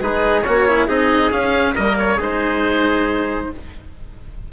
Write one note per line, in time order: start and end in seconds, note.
0.00 0.43 G#3
0.00 0.46 D#4
0.00 0.44 G#4
0.00 0.41 B4
0.41 0.87 C#4
0.41 0.68 F#4
0.41 0.85 C#5
0.48 0.88 A#3
0.68 0.88 E4
0.87 1.32 C4
0.87 1.31 D#4
0.87 1.74 G#4
0.87 1.32 D#5
1.31 1.75 C#4
1.31 1.77 C#4
1.31 1.75 F5
1.75 2.18 G3
1.75 2.19 A#3
1.75 2.17 A#4
1.75 1.97 D#5
1.99 2.20 C#5
2.17 3.49 G#3
2.17 3.50 D#4
2.17 3.47 G#4
2.17 3.52 C5